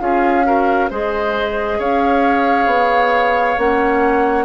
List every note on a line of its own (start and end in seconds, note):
0.00 0.90 C#4
0.00 0.44 F4
0.00 0.47 G#4
0.00 0.90 F5
0.44 0.89 F#4
0.44 0.90 A#4
0.90 1.79 G#3
0.90 3.58 G#4
0.90 1.79 C5
0.90 1.80 D#5
1.79 2.66 C#4
1.79 4.46 C#5
1.79 3.60 F5
2.66 3.56 B3
3.58 4.46 A#3
3.58 4.46 C#4
3.58 4.46 F#5